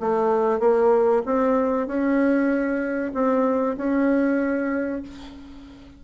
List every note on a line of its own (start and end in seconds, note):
0.00 0.60 A3
0.60 1.22 A#3
1.25 1.87 C4
1.87 3.12 C#4
3.14 3.76 C4
3.77 5.02 C#4